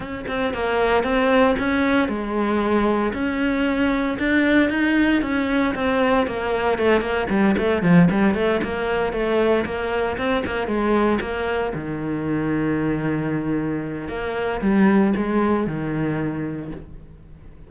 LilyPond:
\new Staff \with { instrumentName = "cello" } { \time 4/4 \tempo 4 = 115 cis'8 c'8 ais4 c'4 cis'4 | gis2 cis'2 | d'4 dis'4 cis'4 c'4 | ais4 a8 ais8 g8 a8 f8 g8 |
a8 ais4 a4 ais4 c'8 | ais8 gis4 ais4 dis4.~ | dis2. ais4 | g4 gis4 dis2 | }